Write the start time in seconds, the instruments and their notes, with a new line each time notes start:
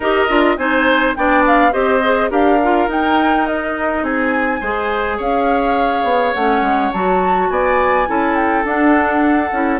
0.00 bassoon D#4, clarinet G4, oboe A#4, flute D#5
0.28 bassoon D4, clarinet F4
0.57 bassoon C4, clarinet D#4, oboe C5, flute G#5
1.15 bassoon B3, clarinet D4, oboe D5, flute G5
1.47 flute F5
1.71 bassoon C4, clarinet G4, oboe C5, flute D#5
2.03 clarinet G#4
2.30 bassoon D4, clarinet G4, oboe A#4, flute F5
2.63 clarinet F4
2.87 bassoon D#4, clarinet D#4, flute G5
3.46 flute D#5
4.02 bassoon C4, oboe G#4, flute G#5
4.60 bassoon G#3, clarinet G#4, oboe C5
5.17 bassoon C#4, oboe C#5, flute F5
6.03 bassoon B3
6.33 bassoon A3, clarinet C#4, flute F#5
6.61 bassoon G#3
6.92 bassoon F#3, clarinet F#4, flute A5
7.50 bassoon B3, oboe D5, flute G#5
8.06 bassoon C#4, clarinet E4, oboe A4
8.36 flute G5
8.64 bassoon D4, clarinet D4, flute F#5
9.51 bassoon C#4, clarinet E4